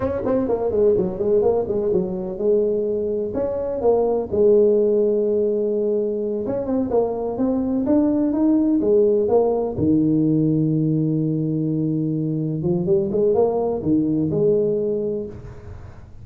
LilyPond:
\new Staff \with { instrumentName = "tuba" } { \time 4/4 \tempo 4 = 126 cis'8 c'8 ais8 gis8 fis8 gis8 ais8 gis8 | fis4 gis2 cis'4 | ais4 gis2.~ | gis4. cis'8 c'8 ais4 c'8~ |
c'8 d'4 dis'4 gis4 ais8~ | ais8 dis2.~ dis8~ | dis2~ dis8 f8 g8 gis8 | ais4 dis4 gis2 | }